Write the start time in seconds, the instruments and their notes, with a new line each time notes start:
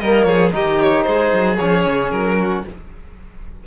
0.00 cello G3, trombone A#3, violin A#4 D#5
0.23 cello F3, violin G#4 C#5
0.52 cello D#3, trombone D#4, violin G4 D#5
0.81 violin C#5
1.03 cello G#3, violin G#4 C5
1.32 cello F#3
1.58 cello F3, trombone C#4, violin C#5
1.86 cello C#3
2.11 cello F#3, violin A#4
2.38 violin F#4